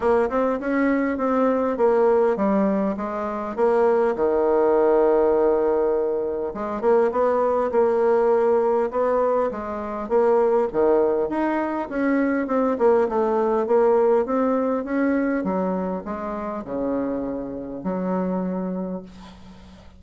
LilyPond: \new Staff \with { instrumentName = "bassoon" } { \time 4/4 \tempo 4 = 101 ais8 c'8 cis'4 c'4 ais4 | g4 gis4 ais4 dis4~ | dis2. gis8 ais8 | b4 ais2 b4 |
gis4 ais4 dis4 dis'4 | cis'4 c'8 ais8 a4 ais4 | c'4 cis'4 fis4 gis4 | cis2 fis2 | }